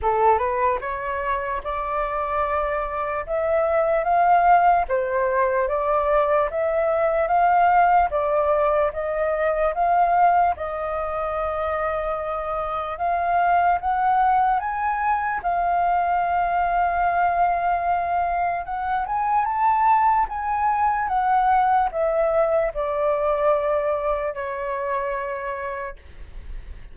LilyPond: \new Staff \with { instrumentName = "flute" } { \time 4/4 \tempo 4 = 74 a'8 b'8 cis''4 d''2 | e''4 f''4 c''4 d''4 | e''4 f''4 d''4 dis''4 | f''4 dis''2. |
f''4 fis''4 gis''4 f''4~ | f''2. fis''8 gis''8 | a''4 gis''4 fis''4 e''4 | d''2 cis''2 | }